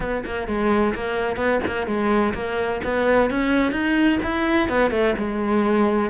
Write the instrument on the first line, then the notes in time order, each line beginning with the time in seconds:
cello
0.00 B3
0.25 A#3
0.47 G#3
0.94 A#3
1.36 B3
1.66 A#3
1.86 G#3
2.34 A#3
2.84 B3
3.30 C#4
3.72 D#4
4.23 E4
4.68 B3
4.90 A3
5.18 G#3